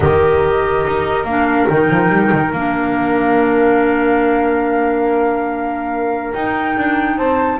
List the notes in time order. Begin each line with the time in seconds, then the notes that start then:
0.00 D#3 G4 A#4 D#5
0.86 D#4
1.24 A#3 D4 F5
1.68 D#3 D#4 G5
1.90 F3
2.09 G3
2.31 D#3
2.52 A#3 D4 F5
6.33 D#4 G5
6.76 D4
7.17 C4 C5 A5